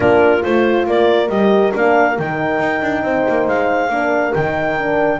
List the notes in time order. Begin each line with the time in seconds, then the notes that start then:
0.00 A#3 D4 F4 A#4
0.43 A3 F4 C5
0.86 A#3 A#4 D5
1.28 G3 G4 D#5
1.74 A#3 D4 F5
2.18 D#3 D#4 G5
2.58 D#4
2.81 D4
3.03 C4 C5
3.28 A#3
3.47 G#3 F5
3.89 A#3 D4 A#4
4.33 D#3 D#4 G5
4.78 D4